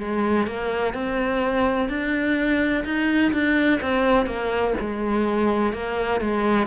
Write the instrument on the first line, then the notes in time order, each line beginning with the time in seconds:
cello
0.00 G#3
0.47 A#3
0.94 C4
1.89 D4
2.85 D#4
3.33 D4
3.82 C4
4.27 A#3
4.81 G#3
5.73 A#3
6.21 G#3